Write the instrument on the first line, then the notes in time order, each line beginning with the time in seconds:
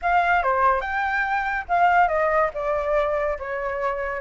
flute
0.02 F5
0.42 C5
0.81 G5
1.68 F5
2.08 D#5
2.54 D5
3.38 C#5